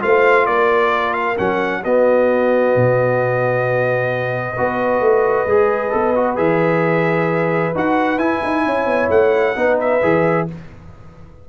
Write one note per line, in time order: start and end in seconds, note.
0.00 0.47 A3
0.00 1.36 F4
0.00 0.48 C5
0.00 0.46 F5
0.46 1.38 A#3
0.46 1.83 A#4
0.46 1.13 D5
1.13 1.36 F5
1.38 1.85 F#3
1.38 1.84 C#4
1.38 1.84 F#5
1.83 2.75 B3
1.83 4.57 B3
1.83 4.54 F#4
1.83 6.37 D#5
2.75 4.57 B2
4.54 5.00 B3
4.54 5.48 F#4
4.54 8.64 B4
5.00 5.46 A3
5.46 5.91 G#3
5.46 5.91 G#4
5.91 6.37 B3
5.91 6.14 A4
6.15 6.36 F#4
6.36 7.74 E3
6.36 7.72 G#4
6.36 7.74 E5
7.75 8.18 D#4
7.75 8.19 F#4
7.75 8.18 F#5
8.18 8.40 E4
8.18 9.55 E4
8.18 9.09 G#5
8.44 8.66 D#4
8.66 8.85 C#4
8.66 9.56 C#5
8.85 9.08 B3
9.09 9.55 A3
9.09 9.78 F#5
9.55 10.01 B3
9.55 10.01 D#4
9.55 10.47 B4
9.80 10.48 E5
10.02 10.49 E3
10.02 10.47 G#4